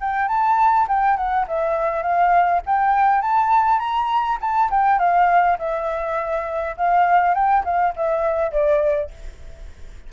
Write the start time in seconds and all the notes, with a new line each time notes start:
0.00 G5
0.28 A5
0.88 G5
1.16 F#5
1.47 E5
2.02 F5
2.66 G5
3.21 A5
3.79 A#5
4.40 A5
4.70 G5
4.98 F5
5.58 E5
6.76 F5
7.34 G5
7.64 F5
7.96 E5
8.51 D5